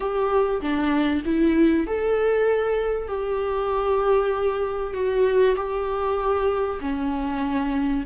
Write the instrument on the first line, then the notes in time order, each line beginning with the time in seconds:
viola
0.00 G4
0.61 D4
1.25 E4
1.87 A4
3.08 G4
4.93 F#4
5.56 G4
6.80 C#4